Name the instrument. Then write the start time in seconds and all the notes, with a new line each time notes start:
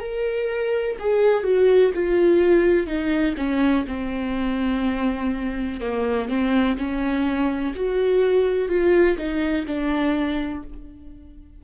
viola
0.00 A#4
0.99 G#4
1.44 F#4
1.94 F4
2.87 D#4
3.37 C#4
3.88 C4
5.81 A#3
6.29 C4
6.77 C#4
7.76 F#4
8.69 F4
9.18 D#4
9.66 D4